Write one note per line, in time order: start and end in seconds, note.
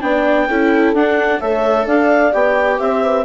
0.00 0.48 B3
0.00 0.47 D4
0.00 0.47 D5
0.00 0.94 G5
0.47 0.93 C#4
0.47 0.95 E4
0.47 1.40 A4
0.93 1.39 D4
0.93 1.41 D4
0.93 1.40 F#5
1.40 1.86 A3
1.40 2.31 A4
1.40 1.85 C#5
1.40 1.86 E5
1.85 2.33 D4
1.85 2.78 D5
1.85 2.32 F5
2.31 2.79 B3
2.31 3.24 G4
2.31 2.79 G5
2.79 3.25 C4
2.79 3.03 C5
2.79 3.25 E5
3.03 3.25 B4